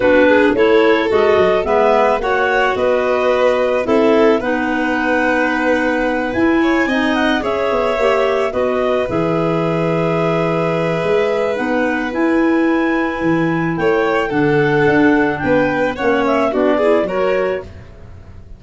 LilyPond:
<<
  \new Staff \with { instrumentName = "clarinet" } { \time 4/4 \tempo 4 = 109 b'4 cis''4 dis''4 e''4 | fis''4 dis''2 e''4 | fis''2.~ fis''8 gis''8~ | gis''4 fis''8 e''2 dis''8~ |
dis''8 e''2.~ e''8~ | e''4 fis''4 gis''2~ | gis''4 g''4 fis''2 | g''4 fis''8 e''8 d''4 cis''4 | }
  \new Staff \with { instrumentName = "violin" } { \time 4/4 fis'8 gis'8 a'2 b'4 | cis''4 b'2 a'4 | b'1 | cis''8 dis''4 cis''2 b'8~ |
b'1~ | b'1~ | b'4 cis''4 a'2 | b'4 cis''4 fis'8 gis'8 ais'4 | }
  \new Staff \with { instrumentName = "clarinet" } { \time 4/4 d'4 e'4 fis'4 b4 | fis'2. e'4 | dis'2.~ dis'8 e'8~ | e'8 dis'4 gis'4 g'4 fis'8~ |
fis'8 gis'2.~ gis'8~ | gis'4 dis'4 e'2~ | e'2 d'2~ | d'4 cis'4 d'8 e'8 fis'4 | }
  \new Staff \with { instrumentName = "tuba" } { \time 4/4 b4 a4 gis8 fis8 gis4 | ais4 b2 c'4 | b2.~ b8 e'8~ | e'8 c'4 cis'8 b8 ais4 b8~ |
b8 e2.~ e8 | gis4 b4 e'2 | e4 a4 d4 d'4 | b4 ais4 b4 fis4 | }
>>